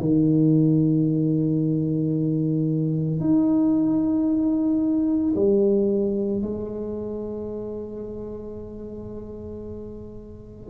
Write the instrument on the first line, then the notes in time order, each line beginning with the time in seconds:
tuba
0.00 D#3
3.20 D#4
5.36 G3
6.42 G#3